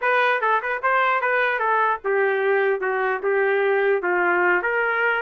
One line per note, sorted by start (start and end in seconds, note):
0.01 0.41 B4
0.41 0.61 A4
0.62 0.82 B4
0.82 1.21 C5
1.21 1.59 B4
1.59 1.99 A4
2.04 2.80 G4
2.80 3.20 F#4
3.22 4.02 G4
4.02 4.62 F4
4.62 5.22 A#4